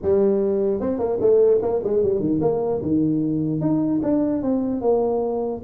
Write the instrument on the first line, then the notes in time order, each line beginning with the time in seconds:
tuba
0.02 G3
0.80 C4
0.98 A#3
1.20 A3
1.62 A#3
1.83 G#3
2.03 G3
2.20 D#3
2.41 A#3
2.82 D#3
3.60 D#4
4.02 D4
4.42 C4
4.81 A#3